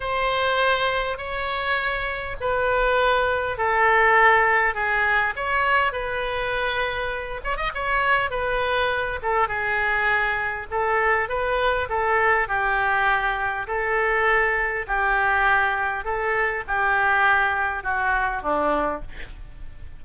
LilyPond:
\new Staff \with { instrumentName = "oboe" } { \time 4/4 \tempo 4 = 101 c''2 cis''2 | b'2 a'2 | gis'4 cis''4 b'2~ | b'8 cis''16 dis''16 cis''4 b'4. a'8 |
gis'2 a'4 b'4 | a'4 g'2 a'4~ | a'4 g'2 a'4 | g'2 fis'4 d'4 | }